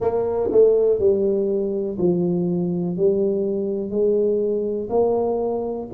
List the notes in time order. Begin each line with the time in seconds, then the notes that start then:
0.00 A#3
0.51 A3
0.99 G3
1.98 F3
2.96 G3
3.90 G#3
4.89 A#3